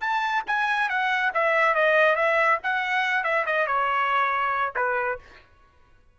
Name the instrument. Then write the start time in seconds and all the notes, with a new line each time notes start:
trumpet
0.00 A5
0.46 G#5
0.89 F#5
1.34 E5
1.74 D#5
2.15 E5
2.63 F#5
3.23 E5
3.46 D#5
3.66 C#5
4.75 B4